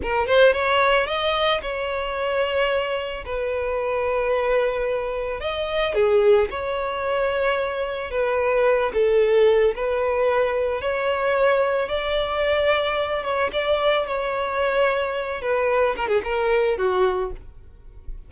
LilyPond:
\new Staff \with { instrumentName = "violin" } { \time 4/4 \tempo 4 = 111 ais'8 c''8 cis''4 dis''4 cis''4~ | cis''2 b'2~ | b'2 dis''4 gis'4 | cis''2. b'4~ |
b'8 a'4. b'2 | cis''2 d''2~ | d''8 cis''8 d''4 cis''2~ | cis''8 b'4 ais'16 gis'16 ais'4 fis'4 | }